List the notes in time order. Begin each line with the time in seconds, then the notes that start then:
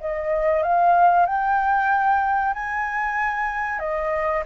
0.00 D#5
0.63 F5
1.26 G5
2.54 G#5
3.79 D#5